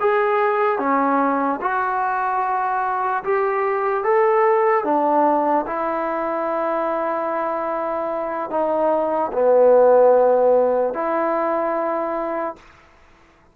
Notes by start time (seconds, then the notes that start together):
0.00 G#4
0.79 C#4
1.61 F#4
3.24 G4
4.04 A4
4.84 D4
5.66 E4
8.50 D#4
9.33 B3
10.94 E4